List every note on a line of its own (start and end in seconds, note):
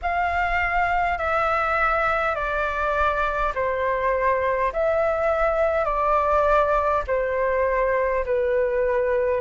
0.02 1.18 F5
1.18 2.35 E5
2.35 3.52 D5
3.55 4.72 C5
4.73 5.84 E5
5.84 7.02 D5
7.06 8.24 C5
8.25 9.41 B4